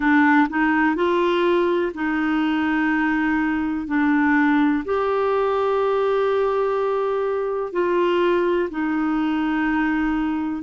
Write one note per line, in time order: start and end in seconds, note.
0.00 0.47 D4
0.49 0.95 D#4
0.95 1.92 F4
1.94 3.87 D#4
3.87 4.83 D4
4.84 7.72 G4
7.72 8.69 F4
8.70 10.62 D#4